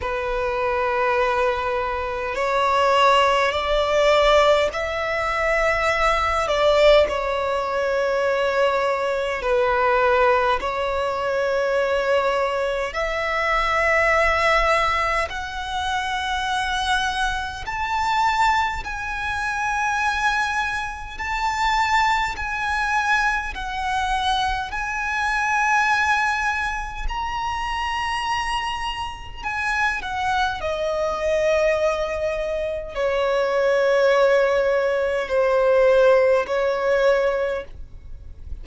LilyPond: \new Staff \with { instrumentName = "violin" } { \time 4/4 \tempo 4 = 51 b'2 cis''4 d''4 | e''4. d''8 cis''2 | b'4 cis''2 e''4~ | e''4 fis''2 a''4 |
gis''2 a''4 gis''4 | fis''4 gis''2 ais''4~ | ais''4 gis''8 fis''8 dis''2 | cis''2 c''4 cis''4 | }